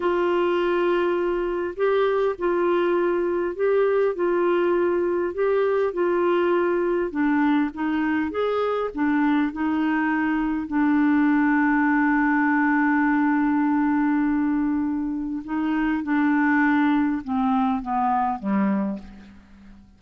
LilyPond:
\new Staff \with { instrumentName = "clarinet" } { \time 4/4 \tempo 4 = 101 f'2. g'4 | f'2 g'4 f'4~ | f'4 g'4 f'2 | d'4 dis'4 gis'4 d'4 |
dis'2 d'2~ | d'1~ | d'2 dis'4 d'4~ | d'4 c'4 b4 g4 | }